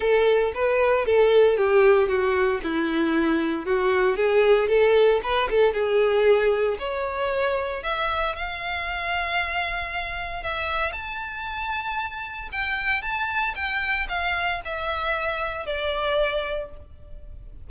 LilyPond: \new Staff \with { instrumentName = "violin" } { \time 4/4 \tempo 4 = 115 a'4 b'4 a'4 g'4 | fis'4 e'2 fis'4 | gis'4 a'4 b'8 a'8 gis'4~ | gis'4 cis''2 e''4 |
f''1 | e''4 a''2. | g''4 a''4 g''4 f''4 | e''2 d''2 | }